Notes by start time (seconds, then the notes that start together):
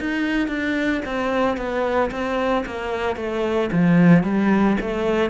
0.00 D#4
0.48 D4
1.06 C4
1.57 B3
2.11 C4
2.66 A#3
3.17 A3
3.73 F3
4.24 G3
4.81 A3